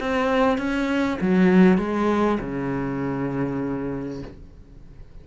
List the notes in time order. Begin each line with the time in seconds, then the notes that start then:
0.00 C4
0.58 C#4
1.21 F#3
1.78 G#3
2.40 C#3